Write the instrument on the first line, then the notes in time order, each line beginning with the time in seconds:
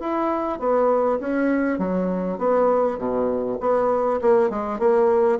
bassoon
0.00 E4
0.60 B3
1.20 C#4
1.79 F#3
2.38 B3
2.99 B2
3.60 B3
4.22 A#3
4.50 G#3
4.79 A#3